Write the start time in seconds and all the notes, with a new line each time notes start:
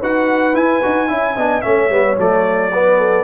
0.00 D#4 F#4 B4 F#5
0.53 E4 G#5
0.82 D#4 F#4
1.08 C#4 E4 E5
1.37 B3 D4 D#5
1.61 A3 C#4 C#5 E5
1.89 G3 B3
2.17 F#3 A3 D5
2.72 B3 B4
2.98 A4